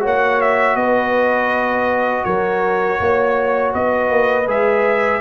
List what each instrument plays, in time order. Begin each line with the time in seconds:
0.00 tuba A#3, trombone F#4, horn C#5
0.07 trumpet F#5
0.41 trumpet E5
0.76 tuba B3, horn B4, trumpet D#5
2.25 tuba F#3, horn A#4, trumpet C#5
3.00 tuba A#3, horn C#5
3.73 tuba B3, horn B4, trumpet D#5
4.10 tuba A#3
4.48 tuba G#3, trombone G#4, trumpet E5